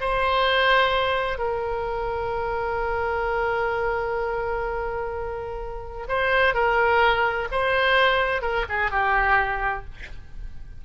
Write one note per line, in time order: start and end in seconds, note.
0.00 1.38 C5
1.38 6.07 A#4
6.08 6.54 C5
6.54 7.48 A#4
7.51 8.42 C5
8.42 8.65 A#4
8.69 8.91 G#4
8.91 9.85 G4